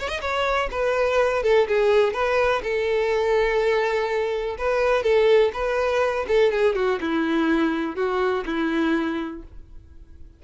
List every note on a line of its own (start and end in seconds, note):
0.00 0.09 C#5
0.09 0.21 D#5
0.21 0.70 C#5
0.71 1.44 B4
1.44 1.68 A4
1.68 2.14 G#4
2.14 2.62 B4
2.63 4.57 A4
4.58 5.04 B4
5.04 5.52 A4
5.54 6.26 B4
6.28 6.52 A4
6.52 6.76 G#4
6.76 7.00 F#4
7.01 7.96 E4
7.96 8.45 F#4
8.46 9.43 E4